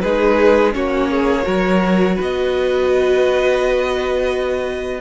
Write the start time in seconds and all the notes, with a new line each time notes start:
0.00 G#3 D#4 G#4 B4
0.72 A#3 C#4 F#4 C#5
1.10 G#4
1.43 F#3 F#4 A#4
2.15 B3 B4
2.21 D#5